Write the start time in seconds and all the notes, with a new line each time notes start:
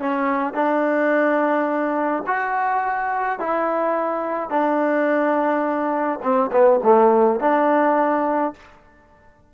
0.00 C#4
0.54 D4
2.27 F#4
3.40 E4
4.50 D4
6.23 C4
6.52 B3
6.84 A3
7.40 D4